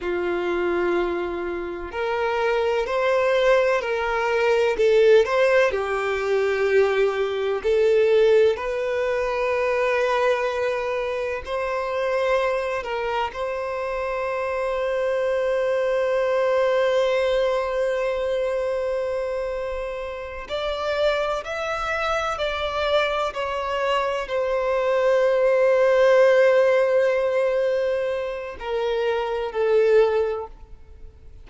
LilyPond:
\new Staff \with { instrumentName = "violin" } { \time 4/4 \tempo 4 = 63 f'2 ais'4 c''4 | ais'4 a'8 c''8 g'2 | a'4 b'2. | c''4. ais'8 c''2~ |
c''1~ | c''4. d''4 e''4 d''8~ | d''8 cis''4 c''2~ c''8~ | c''2 ais'4 a'4 | }